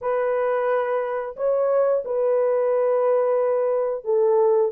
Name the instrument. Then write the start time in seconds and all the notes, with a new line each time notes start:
horn
0.01 B4
1.36 C#5
2.04 B4
4.04 A4